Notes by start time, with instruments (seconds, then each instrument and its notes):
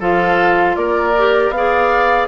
0.00 bassoon F3, clarinet F4, oboe A4, flute F5
0.76 bassoon A#3, oboe A#4, flute D5
1.17 clarinet G4
1.50 bassoon B3, clarinet G#4, flute F5
1.57 oboe D5